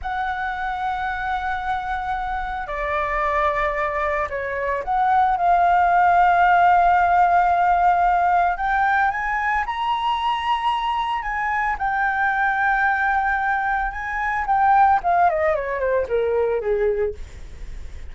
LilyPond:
\new Staff \with { instrumentName = "flute" } { \time 4/4 \tempo 4 = 112 fis''1~ | fis''4 d''2. | cis''4 fis''4 f''2~ | f''1 |
g''4 gis''4 ais''2~ | ais''4 gis''4 g''2~ | g''2 gis''4 g''4 | f''8 dis''8 cis''8 c''8 ais'4 gis'4 | }